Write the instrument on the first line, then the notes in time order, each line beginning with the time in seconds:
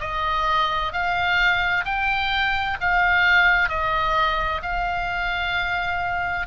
oboe
0.00 D#5
0.92 F5
1.85 G5
2.80 F5
3.69 D#5
4.62 F5